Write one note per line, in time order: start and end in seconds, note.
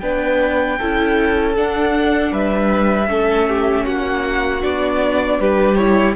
0.00 0.79 B3
0.00 0.79 D4
0.00 0.79 B4
0.00 1.54 G5
0.79 1.58 C#4
0.79 1.56 E4
0.79 2.32 A4
1.56 3.07 D4
1.56 2.32 D4
1.56 2.34 F#5
2.32 3.08 G3
2.32 3.09 B4
2.32 3.86 E5
3.07 3.85 A3
3.07 4.61 C#4
3.07 3.49 A4
3.49 3.86 G4
3.86 4.64 A#3
3.86 5.40 F#4
3.86 4.63 F#5
4.61 5.40 B3
4.61 5.77 D4
4.61 5.40 D5
5.40 6.16 G3
5.40 6.16 G4
5.40 5.75 B4
5.75 6.16 E4
5.75 6.14 C#5